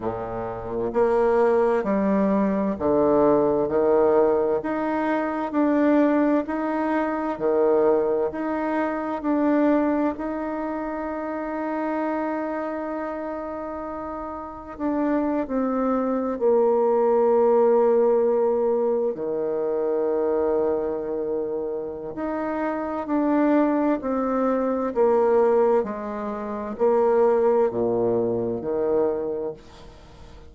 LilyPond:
\new Staff \with { instrumentName = "bassoon" } { \time 4/4 \tempo 4 = 65 ais,4 ais4 g4 d4 | dis4 dis'4 d'4 dis'4 | dis4 dis'4 d'4 dis'4~ | dis'1 |
d'8. c'4 ais2~ ais16~ | ais8. dis2.~ dis16 | dis'4 d'4 c'4 ais4 | gis4 ais4 ais,4 dis4 | }